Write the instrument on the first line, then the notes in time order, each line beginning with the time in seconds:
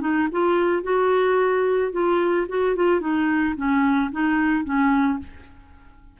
clarinet
0.00 D#4
0.31 F4
0.82 F#4
1.92 F4
2.48 F#4
2.75 F4
3.00 D#4
3.56 C#4
4.11 D#4
4.64 C#4